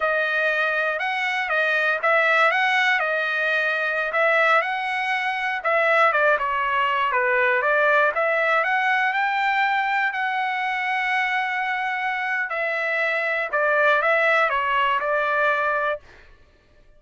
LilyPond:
\new Staff \with { instrumentName = "trumpet" } { \time 4/4 \tempo 4 = 120 dis''2 fis''4 dis''4 | e''4 fis''4 dis''2~ | dis''16 e''4 fis''2 e''8.~ | e''16 d''8 cis''4. b'4 d''8.~ |
d''16 e''4 fis''4 g''4.~ g''16~ | g''16 fis''2.~ fis''8.~ | fis''4 e''2 d''4 | e''4 cis''4 d''2 | }